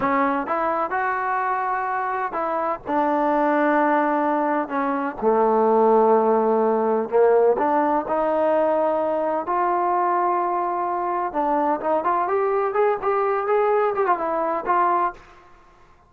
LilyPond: \new Staff \with { instrumentName = "trombone" } { \time 4/4 \tempo 4 = 127 cis'4 e'4 fis'2~ | fis'4 e'4 d'2~ | d'2 cis'4 a4~ | a2. ais4 |
d'4 dis'2. | f'1 | d'4 dis'8 f'8 g'4 gis'8 g'8~ | g'8 gis'4 g'16 f'16 e'4 f'4 | }